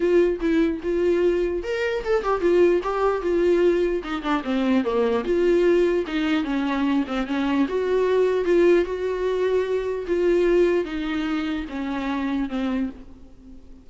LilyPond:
\new Staff \with { instrumentName = "viola" } { \time 4/4 \tempo 4 = 149 f'4 e'4 f'2 | ais'4 a'8 g'8 f'4 g'4 | f'2 dis'8 d'8 c'4 | ais4 f'2 dis'4 |
cis'4. c'8 cis'4 fis'4~ | fis'4 f'4 fis'2~ | fis'4 f'2 dis'4~ | dis'4 cis'2 c'4 | }